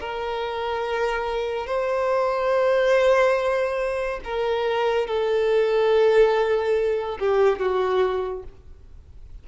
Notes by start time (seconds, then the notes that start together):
0.00 A#4
1.66 C5
4.24 A#4
5.07 A4
7.19 G4
7.59 F#4